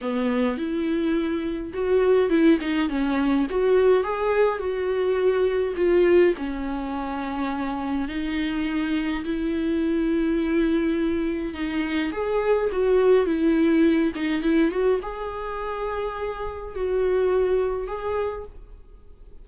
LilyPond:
\new Staff \with { instrumentName = "viola" } { \time 4/4 \tempo 4 = 104 b4 e'2 fis'4 | e'8 dis'8 cis'4 fis'4 gis'4 | fis'2 f'4 cis'4~ | cis'2 dis'2 |
e'1 | dis'4 gis'4 fis'4 e'4~ | e'8 dis'8 e'8 fis'8 gis'2~ | gis'4 fis'2 gis'4 | }